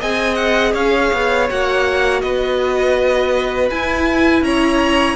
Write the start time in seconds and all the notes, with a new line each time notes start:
0.00 C4 G#4 D#5 G#5
0.35 F#5
0.74 C#4 C#5 F5
1.13 B3
1.49 A#3 F#4 F#5
2.21 B3 B4 D#5
3.70 E4 G#5
4.42 C#4 C#5 A#5